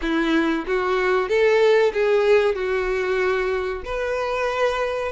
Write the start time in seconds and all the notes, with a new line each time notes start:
0.01 E4
0.66 F#4
1.28 A4
1.93 G#4
2.55 F#4
3.84 B4